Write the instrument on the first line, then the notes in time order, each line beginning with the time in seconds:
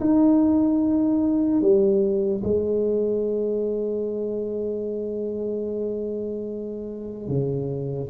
tuba
0.00 D#4
1.61 G3
2.44 G#3
7.28 C#3